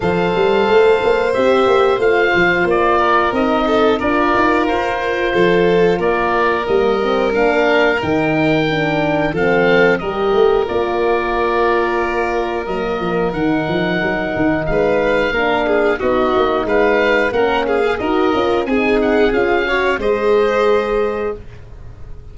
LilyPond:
<<
  \new Staff \with { instrumentName = "oboe" } { \time 4/4 \tempo 4 = 90 f''2 e''4 f''4 | d''4 dis''4 d''4 c''4~ | c''4 d''4 dis''4 f''4 | g''2 f''4 dis''4 |
d''2. dis''4 | fis''2 f''2 | dis''4 f''4 fis''8 f''8 dis''4 | gis''8 fis''8 f''4 dis''2 | }
  \new Staff \with { instrumentName = "violin" } { \time 4/4 c''1~ | c''8 ais'4 a'8 ais'2 | a'4 ais'2.~ | ais'2 a'4 ais'4~ |
ais'1~ | ais'2 b'4 ais'8 gis'8 | fis'4 b'4 ais'8 gis'8 ais'4 | gis'4. cis''8 c''2 | }
  \new Staff \with { instrumentName = "horn" } { \time 4/4 a'2 g'4 f'4~ | f'4 dis'4 f'2~ | f'2 ais8 c'8 d'4 | dis'4 d'4 c'4 g'4 |
f'2. ais4 | dis'2. d'4 | dis'2 cis'8. gis'16 fis'8 f'8 | dis'4 f'8 fis'8 gis'2 | }
  \new Staff \with { instrumentName = "tuba" } { \time 4/4 f8 g8 a8 ais8 c'8 ais8 a8 f8 | ais4 c'4 d'8 dis'8 f'4 | f4 ais4 g4 ais4 | dis2 f4 g8 a8 |
ais2. fis8 f8 | dis8 f8 fis8 dis8 gis4 ais4 | b8 ais8 gis4 ais4 dis'8 cis'8 | c'4 cis'4 gis2 | }
>>